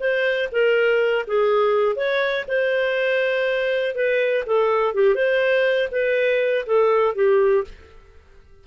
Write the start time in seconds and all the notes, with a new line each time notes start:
0.00 C5
0.52 A#4
1.27 G#4
1.96 C#5
2.48 C5
3.96 B4
4.46 A4
4.94 G4
5.15 C5
5.92 B4
6.67 A4
7.16 G4